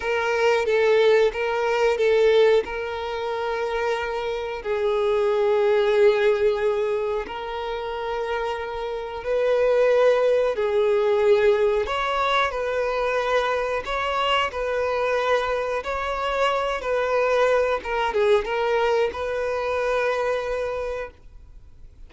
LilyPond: \new Staff \with { instrumentName = "violin" } { \time 4/4 \tempo 4 = 91 ais'4 a'4 ais'4 a'4 | ais'2. gis'4~ | gis'2. ais'4~ | ais'2 b'2 |
gis'2 cis''4 b'4~ | b'4 cis''4 b'2 | cis''4. b'4. ais'8 gis'8 | ais'4 b'2. | }